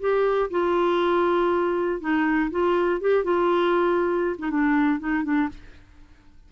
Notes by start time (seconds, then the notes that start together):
0.00 G4
0.50 F4
2.00 D#4
2.50 F4
3.01 G4
3.24 F4
4.38 D#4
4.50 D4
5.00 D#4
5.24 D4